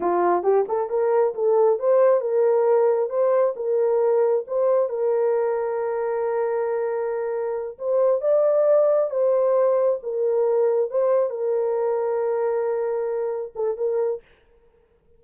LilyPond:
\new Staff \with { instrumentName = "horn" } { \time 4/4 \tempo 4 = 135 f'4 g'8 a'8 ais'4 a'4 | c''4 ais'2 c''4 | ais'2 c''4 ais'4~ | ais'1~ |
ais'4. c''4 d''4.~ | d''8 c''2 ais'4.~ | ais'8 c''4 ais'2~ ais'8~ | ais'2~ ais'8 a'8 ais'4 | }